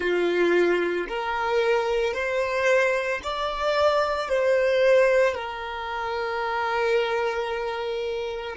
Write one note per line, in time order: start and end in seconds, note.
0.00 1.07 F4
1.08 2.13 A#4
2.13 3.20 C5
3.23 4.29 D5
4.29 5.34 C5
5.34 8.56 A#4